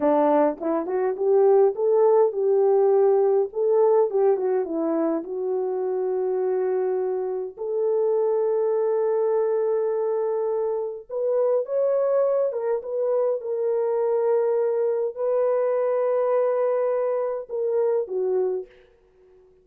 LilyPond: \new Staff \with { instrumentName = "horn" } { \time 4/4 \tempo 4 = 103 d'4 e'8 fis'8 g'4 a'4 | g'2 a'4 g'8 fis'8 | e'4 fis'2.~ | fis'4 a'2.~ |
a'2. b'4 | cis''4. ais'8 b'4 ais'4~ | ais'2 b'2~ | b'2 ais'4 fis'4 | }